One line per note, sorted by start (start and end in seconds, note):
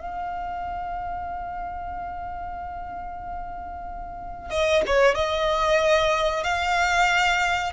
0.00 4.50 F5
4.50 4.82 D#5
4.86 5.14 C#5
5.14 6.43 D#5
6.43 7.72 F5